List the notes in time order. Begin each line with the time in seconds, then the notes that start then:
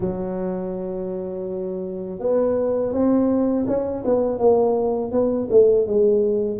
0.00 F#3
2.19 B3
2.92 C4
3.67 C#4
4.04 B3
4.38 A#3
5.11 B3
5.50 A3
5.87 G#3